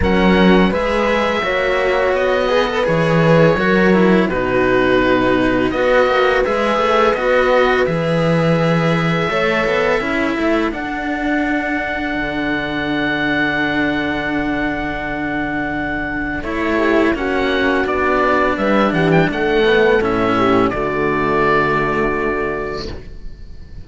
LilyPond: <<
  \new Staff \with { instrumentName = "oboe" } { \time 4/4 \tempo 4 = 84 fis''4 e''2 dis''4 | cis''2 b'2 | dis''4 e''4 dis''4 e''4~ | e''2. fis''4~ |
fis''1~ | fis''2. cis''4 | fis''4 d''4 e''8 fis''16 g''16 fis''4 | e''4 d''2. | }
  \new Staff \with { instrumentName = "horn" } { \time 4/4 ais'4 b'4 cis''4. b'8~ | b'4 ais'4 fis'2 | b'1~ | b'4 cis''4 a'2~ |
a'1~ | a'2.~ a'8 g'8 | fis'2 b'8 g'8 a'4~ | a'8 g'8 fis'2. | }
  \new Staff \with { instrumentName = "cello" } { \time 4/4 cis'4 gis'4 fis'4. gis'16 a'16 | gis'4 fis'8 e'8 dis'2 | fis'4 gis'4 fis'4 gis'4~ | gis'4 a'4 e'4 d'4~ |
d'1~ | d'2. e'4 | cis'4 d'2~ d'8 b8 | cis'4 a2. | }
  \new Staff \with { instrumentName = "cello" } { \time 4/4 fis4 gis4 ais4 b4 | e4 fis4 b,2 | b8 ais8 gis8 a8 b4 e4~ | e4 a8 b8 cis'8 a8 d'4~ |
d'4 d2.~ | d2. a4 | ais4 b4 g8 e8 a4 | a,4 d2. | }
>>